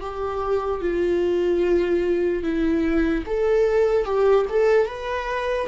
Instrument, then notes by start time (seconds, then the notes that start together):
viola
0.00 G4
0.81 F4
2.43 E4
3.26 A4
4.05 G4
4.49 A4
4.86 B4